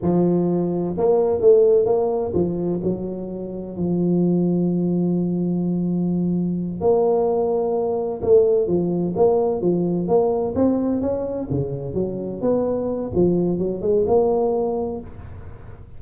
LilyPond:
\new Staff \with { instrumentName = "tuba" } { \time 4/4 \tempo 4 = 128 f2 ais4 a4 | ais4 f4 fis2 | f1~ | f2~ f8 ais4.~ |
ais4. a4 f4 ais8~ | ais8 f4 ais4 c'4 cis'8~ | cis'8 cis4 fis4 b4. | f4 fis8 gis8 ais2 | }